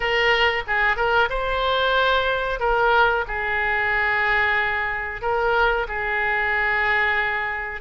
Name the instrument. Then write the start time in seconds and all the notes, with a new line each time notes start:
oboe
0.00 A#4
0.67 G#4
0.96 A#4
1.29 C5
2.59 A#4
3.27 G#4
5.21 A#4
5.88 G#4